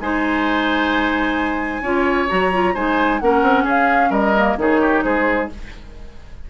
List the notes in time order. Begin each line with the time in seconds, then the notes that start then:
0.00 G#3 D#4 C5 G#5
1.81 C#4 F4 C#5
2.28 F#3 F#4 A#5
2.52 F4
2.73 G#3 D#4 C5 G#5
3.19 A#3 C#4 A#4 F#5
3.42 C4
3.63 C#4 G#4 F5
4.10 G3 A#4 D#5
4.37 A#3
4.57 D#3 D#4 G#4 C#5
4.80 G4
5.03 G#3 G#4 C5